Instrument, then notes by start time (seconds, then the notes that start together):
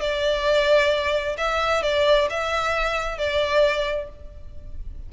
violin
0.00 D5
1.37 E5
1.82 D5
2.30 E5
3.18 D5